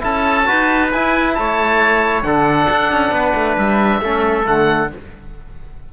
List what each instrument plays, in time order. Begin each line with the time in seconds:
0.00 cello C#4, trombone E4, trumpet A4, oboe A5
0.45 cello D#4, trombone F#4, trumpet B4
0.92 trombone E4, cello E4, oboe G#5
1.34 cello A3, trumpet C#5, oboe A5
2.23 cello D3, trombone D4, trumpet A4, oboe F#5
2.70 cello D4
2.92 cello C#4
3.11 cello B3, trumpet B4
3.35 cello A3
3.58 cello G3, oboe E5
4.01 cello A3, trombone C#4, trumpet A4
4.45 cello D3, trombone A3, oboe F#5